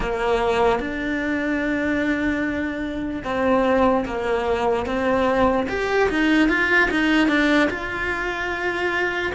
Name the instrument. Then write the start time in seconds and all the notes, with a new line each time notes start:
cello
0.00 A#3
0.79 D4
3.24 C4
4.05 A#3
4.85 C4
5.68 G4
6.09 D#4
6.49 F4
6.90 D#4
7.28 D4
7.70 F4